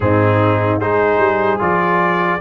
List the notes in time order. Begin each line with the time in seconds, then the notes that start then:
0.00 G#2 C4 D#4 G#4
0.79 G#3 D#4 G#4 C5
1.19 G3
1.59 F3 F4 D5